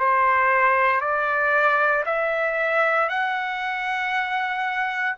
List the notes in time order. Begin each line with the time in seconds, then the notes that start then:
0.00 C5
1.01 D5
2.06 E5
3.09 F#5